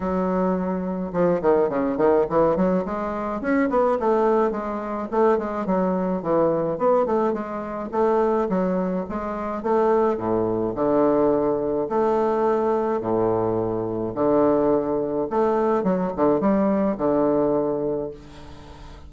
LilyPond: \new Staff \with { instrumentName = "bassoon" } { \time 4/4 \tempo 4 = 106 fis2 f8 dis8 cis8 dis8 | e8 fis8 gis4 cis'8 b8 a4 | gis4 a8 gis8 fis4 e4 | b8 a8 gis4 a4 fis4 |
gis4 a4 a,4 d4~ | d4 a2 a,4~ | a,4 d2 a4 | fis8 d8 g4 d2 | }